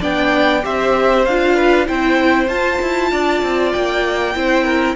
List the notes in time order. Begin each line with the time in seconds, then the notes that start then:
0.00 B3 D4 D5 G5
0.62 C4 G4 C5 E5
1.25 D4 F4 F5
1.55 B4
1.85 C4 E4 C5 G5
2.48 F4 A5
2.81 E4
3.11 D4 D5
3.42 C4
3.72 A#3 G5
4.35 C4 E4 C5
4.64 A#4